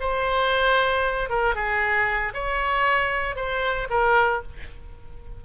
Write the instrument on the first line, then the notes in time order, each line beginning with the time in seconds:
oboe
0.00 C5
1.29 A#4
1.55 G#4
2.34 C#5
3.36 C5
3.90 A#4